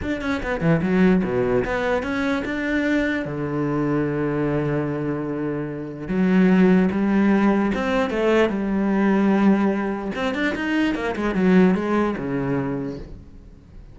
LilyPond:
\new Staff \with { instrumentName = "cello" } { \time 4/4 \tempo 4 = 148 d'8 cis'8 b8 e8 fis4 b,4 | b4 cis'4 d'2 | d1~ | d2. fis4~ |
fis4 g2 c'4 | a4 g2.~ | g4 c'8 d'8 dis'4 ais8 gis8 | fis4 gis4 cis2 | }